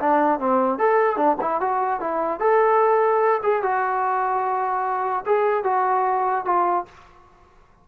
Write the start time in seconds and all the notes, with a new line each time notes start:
0.00 D4
0.40 C4
0.79 A4
1.17 D4
1.41 E4
1.61 F#4
2.00 E4
2.40 A4
3.43 G#4
3.63 F#4
5.26 G#4
5.64 F#4
6.45 F4